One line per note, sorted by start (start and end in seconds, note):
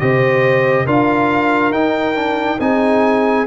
0.00 0.86 C3
0.00 0.87 G4
0.00 0.86 C5
0.00 0.87 D#5
0.86 1.71 D4
0.86 1.73 F4
0.86 2.60 A#4
0.86 1.73 F5
1.71 2.58 D#4
1.71 2.16 D#4
1.71 2.60 G5
2.16 2.59 D4
2.60 3.47 C4
2.60 3.47 D#4
2.60 3.47 G#4
2.60 3.47 G#5